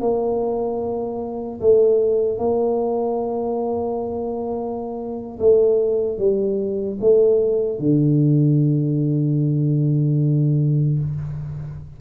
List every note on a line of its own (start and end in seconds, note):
0.00 1.60 A#3
1.60 2.38 A3
2.38 5.38 A#3
5.39 6.18 A3
6.18 6.98 G3
7.00 7.79 A3
7.79 10.99 D3